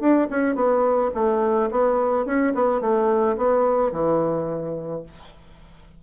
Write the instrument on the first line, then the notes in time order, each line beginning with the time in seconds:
bassoon
0.00 D4
0.30 C#4
0.55 B3
1.14 A3
1.71 B3
2.26 C#4
2.54 B3
2.81 A3
3.37 B3
3.92 E3